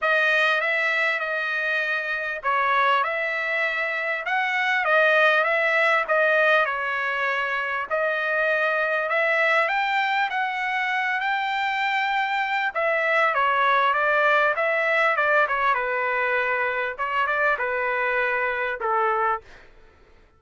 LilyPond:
\new Staff \with { instrumentName = "trumpet" } { \time 4/4 \tempo 4 = 99 dis''4 e''4 dis''2 | cis''4 e''2 fis''4 | dis''4 e''4 dis''4 cis''4~ | cis''4 dis''2 e''4 |
g''4 fis''4. g''4.~ | g''4 e''4 cis''4 d''4 | e''4 d''8 cis''8 b'2 | cis''8 d''8 b'2 a'4 | }